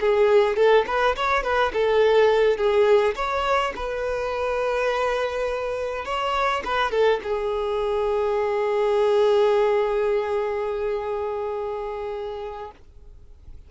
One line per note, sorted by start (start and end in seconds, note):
0.00 0.56 G#4
0.56 0.85 A4
0.87 1.15 B4
1.16 1.43 C#5
1.43 1.72 B4
1.73 2.57 A4
2.57 3.15 G#4
3.15 3.73 C#5
3.76 6.05 B4
6.05 6.62 C#5
6.64 6.91 B4
6.91 7.20 A4
7.23 12.71 G#4